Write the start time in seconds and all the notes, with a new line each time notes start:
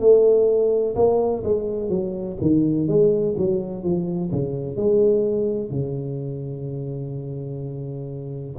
0.00 A3
0.96 A#3
1.44 G#3
1.89 F#3
2.41 D#3
2.88 G#3
3.37 F#3
3.83 F3
4.32 C#3
4.76 G#3
5.70 C#3